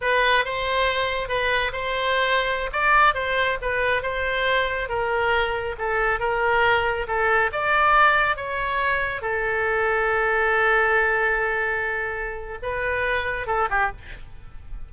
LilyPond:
\new Staff \with { instrumentName = "oboe" } { \time 4/4 \tempo 4 = 138 b'4 c''2 b'4 | c''2~ c''16 d''4 c''8.~ | c''16 b'4 c''2 ais'8.~ | ais'4~ ais'16 a'4 ais'4.~ ais'16~ |
ais'16 a'4 d''2 cis''8.~ | cis''4~ cis''16 a'2~ a'8.~ | a'1~ | a'4 b'2 a'8 g'8 | }